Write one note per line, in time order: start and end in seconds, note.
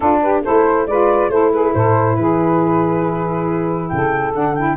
0.00 0.42 D4
0.00 0.45 D4
0.00 0.21 F4
0.00 0.19 A4
0.21 0.42 G4
0.21 0.42 B4
0.42 0.86 A3
0.42 0.88 E4
0.42 0.86 A4
0.42 0.86 C5
0.86 1.29 G#3
0.86 1.30 F4
0.86 1.31 B4
0.86 1.30 D5
1.29 1.72 A3
1.29 4.33 E4
1.29 1.52 A4
1.29 1.51 C5
1.52 1.74 G#4
1.52 1.73 B4
1.73 2.17 A2
1.73 2.17 A4
1.73 2.15 C5
2.15 3.91 E3
2.15 3.92 G#4
2.15 3.89 B4
3.89 4.35 C#3
3.89 4.77 A4
3.89 4.32 G5
4.33 4.77 D3
4.33 4.55 D4
4.33 4.54 F#5
4.54 4.77 E4
4.54 4.76 G5